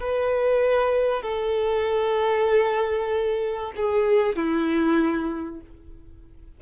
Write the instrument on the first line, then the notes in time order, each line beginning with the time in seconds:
violin
0.00 B4
1.22 A4
3.76 G#4
4.36 E4